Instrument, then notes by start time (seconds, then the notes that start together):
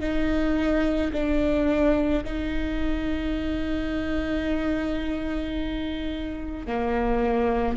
viola
0.00 D#4
1.13 D4
2.24 D#4
6.67 A#3